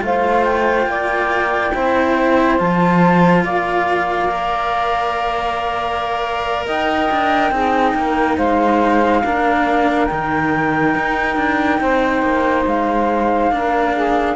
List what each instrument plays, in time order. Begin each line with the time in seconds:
0.00 cello A3 F4, saxophone C5, flute F5
0.44 flute G5
0.86 cello A#3, saxophone D5
1.74 cello C4 E4, saxophone C5
2.58 cello F3 F4, flute A5
3.44 cello A#3, saxophone D5, flute F5
4.29 cello A#4
6.66 cello D#4, saxophone D#5, flute G5
7.11 cello D4
7.51 cello C4 D#4, saxophone G#4
7.95 cello A#3, saxophone A#4
8.37 cello G#3, saxophone C5, flute F5
9.24 cello A#3 D4, saxophone A#4
10.06 cello D#3 D#4, flute G5
10.96 cello D#4
11.37 cello D4
11.81 cello C4, saxophone C5
12.23 cello A#3
12.67 cello G#3, flute F5
13.51 cello A#3 D4, saxophone A#4
13.94 saxophone G#4